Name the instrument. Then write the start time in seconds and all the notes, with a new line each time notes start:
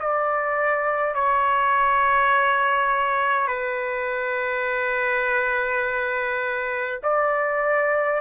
trumpet
0.00 D5
1.14 C#5
3.47 B4
7.03 D5